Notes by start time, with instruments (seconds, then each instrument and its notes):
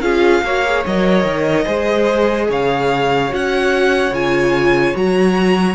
0.00 cello C#4, viola F4, violin G#4 F5
0.44 cello A#3, viola F#4, violin C#5
0.65 viola G#4
0.86 cello F#3, viola A#4, violin D#5
1.24 cello D#3
1.65 cello G#3, viola G#4, violin C5
2.50 cello C#3, violin C#5 F5
3.29 cello C#4, viola F#4, violin F#5
4.11 cello C#3, viola F4, violin G#5
4.95 cello F#3, viola F#4, violin A#5